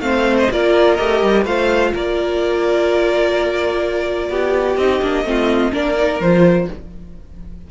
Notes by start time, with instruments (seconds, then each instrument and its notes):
0.00 cello A3, viola C4, violin C5 F5
0.39 violin D#5
0.51 cello A#3, viola F4, violin A#4 D5
0.96 cello A3, viola G4, violin D#5
1.23 cello G3
1.43 cello A3, viola F4, violin C5 F5
1.93 cello A#3, violin A#4 D5
4.29 cello B3, violin G4
4.77 cello C4, viola D#4, violin D#5
5.01 cello A#3, viola D4
5.24 cello A3, viola C4, violin F4
5.72 cello A#3, viola D4, violin A#4 D5
5.96 viola D#4
6.20 cello F3, viola F4, violin C5